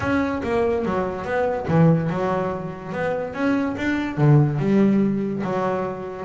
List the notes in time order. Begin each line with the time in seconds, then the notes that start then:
0.00 C#4
0.43 A#3
0.85 F#3
1.24 B3
1.68 E3
2.09 F#3
2.92 B3
3.34 C#4
3.77 D4
4.17 D3
4.59 G3
5.43 F#3